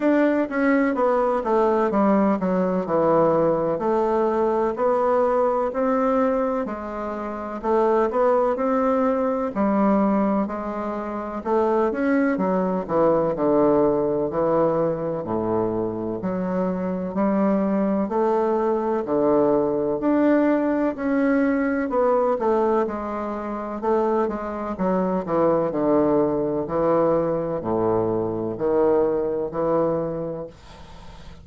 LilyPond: \new Staff \with { instrumentName = "bassoon" } { \time 4/4 \tempo 4 = 63 d'8 cis'8 b8 a8 g8 fis8 e4 | a4 b4 c'4 gis4 | a8 b8 c'4 g4 gis4 | a8 cis'8 fis8 e8 d4 e4 |
a,4 fis4 g4 a4 | d4 d'4 cis'4 b8 a8 | gis4 a8 gis8 fis8 e8 d4 | e4 a,4 dis4 e4 | }